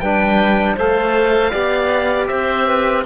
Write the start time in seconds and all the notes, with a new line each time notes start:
0.00 G3 D4 B4 G5
0.75 A3 A4 C5 F5
1.51 B3 G4 D5
2.28 C4 C5 E5
2.67 B4